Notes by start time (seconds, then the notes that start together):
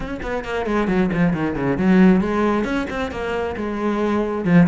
0.00 C#4
0.22 B3
0.44 A#3
0.66 G#3
0.87 F#3
1.13 F3
1.33 D#3
1.55 C#3
1.77 F#3
2.20 G#3
2.64 C#4
2.90 C4
3.11 A#3
3.56 G#3
4.44 F3